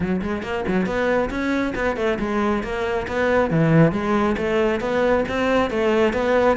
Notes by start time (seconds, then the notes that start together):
0.00 F#3
0.21 G#3
0.43 A#3
0.67 F#3
0.85 B3
1.29 C#4
1.75 B3
1.96 A3
2.19 G#3
2.63 A#3
3.07 B3
3.50 E3
3.92 G#3
4.37 A3
4.80 B3
5.28 C4
5.70 A3
6.13 B3